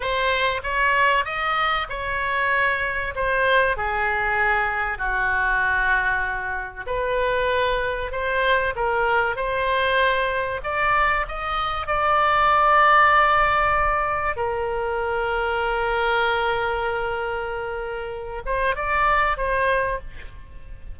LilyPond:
\new Staff \with { instrumentName = "oboe" } { \time 4/4 \tempo 4 = 96 c''4 cis''4 dis''4 cis''4~ | cis''4 c''4 gis'2 | fis'2. b'4~ | b'4 c''4 ais'4 c''4~ |
c''4 d''4 dis''4 d''4~ | d''2. ais'4~ | ais'1~ | ais'4. c''8 d''4 c''4 | }